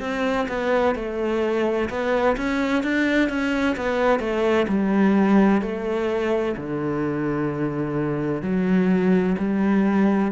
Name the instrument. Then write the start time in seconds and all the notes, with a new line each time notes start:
cello
0.00 C4
0.48 B3
0.95 A3
1.89 B3
2.37 C#4
2.83 D4
3.29 C#4
3.76 B3
4.19 A3
4.68 G3
5.61 A3
6.56 D3
8.42 F#3
9.38 G3